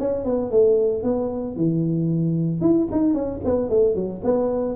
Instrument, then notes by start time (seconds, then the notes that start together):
tuba
0.00 C#4
0.25 B3
0.51 A3
1.04 B3
1.57 E3
2.61 E4
2.92 D#4
3.14 C#4
3.45 B3
3.70 A3
3.95 F#3
4.24 B3